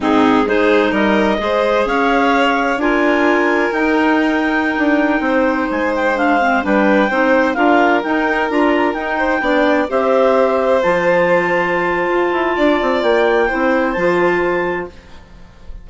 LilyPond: <<
  \new Staff \with { instrumentName = "clarinet" } { \time 4/4 \tempo 4 = 129 gis'4 c''4 dis''2 | f''2 gis''2 | g''1~ | g''16 gis''8 g''8 f''4 g''4.~ g''16~ |
g''16 f''4 g''4 ais''4 g''8.~ | g''4~ g''16 e''2 a''8.~ | a''1 | g''2 a''2 | }
  \new Staff \with { instrumentName = "violin" } { \time 4/4 dis'4 gis'4 ais'4 c''4 | cis''2 ais'2~ | ais'2.~ ais'16 c''8.~ | c''2~ c''16 b'4 c''8.~ |
c''16 ais'2.~ ais'8 c''16~ | c''16 d''4 c''2~ c''8.~ | c''2. d''4~ | d''4 c''2. | }
  \new Staff \with { instrumentName = "clarinet" } { \time 4/4 c'4 dis'2 gis'4~ | gis'2 f'2 | dis'1~ | dis'4~ dis'16 d'8 c'8 d'4 dis'8.~ |
dis'16 f'4 dis'4 f'4 dis'8.~ | dis'16 d'4 g'2 f'8.~ | f'1~ | f'4 e'4 f'2 | }
  \new Staff \with { instrumentName = "bassoon" } { \time 4/4 gis,4 gis4 g4 gis4 | cis'2 d'2 | dis'2~ dis'16 d'4 c'8.~ | c'16 gis2 g4 c'8.~ |
c'16 d'4 dis'4 d'4 dis'8.~ | dis'16 b4 c'2 f8.~ | f2 f'8 e'8 d'8 c'8 | ais4 c'4 f2 | }
>>